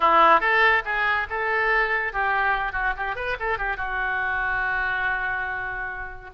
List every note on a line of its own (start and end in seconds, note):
0.00 0.40 E4
0.40 0.82 A4
0.85 1.27 G#4
1.29 2.12 A4
2.12 2.72 G4
2.72 2.93 F#4
2.97 3.15 G4
3.15 3.36 B4
3.39 3.58 A4
3.58 3.76 G4
3.76 6.30 F#4